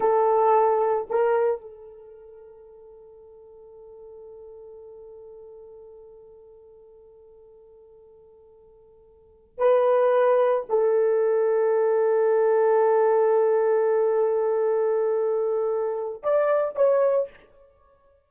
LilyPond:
\new Staff \with { instrumentName = "horn" } { \time 4/4 \tempo 4 = 111 a'2 ais'4 a'4~ | a'1~ | a'1~ | a'1~ |
a'4.~ a'16 b'2 a'16~ | a'1~ | a'1~ | a'2 d''4 cis''4 | }